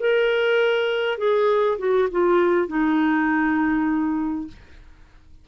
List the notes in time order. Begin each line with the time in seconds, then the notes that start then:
0.00 A#4
1.18 G#4
1.79 F#4
2.11 F4
2.68 D#4